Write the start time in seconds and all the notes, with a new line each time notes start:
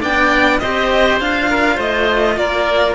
0.00 B3 D4 D5 G5
0.59 C4 G4 C5 D#5
1.20 D4 F4 F5
1.50 A#4
1.75 A3 C5 D#5
2.37 A#3 A#4 D5